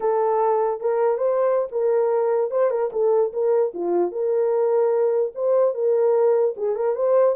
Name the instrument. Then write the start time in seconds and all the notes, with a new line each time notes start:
horn
0.00 A4
0.80 A#4
1.17 C5
1.71 A#4
2.50 C5
2.70 A#4
2.92 A4
3.32 A#4
3.73 F4
4.11 A#4
5.34 C5
5.74 A#4
6.56 G#4
6.75 A#4
6.95 C5